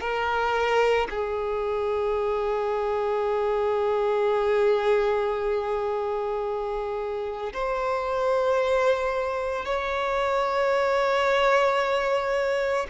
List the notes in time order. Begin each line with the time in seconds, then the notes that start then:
0.00 A#4
1.10 G#4
7.53 C5
9.65 C#5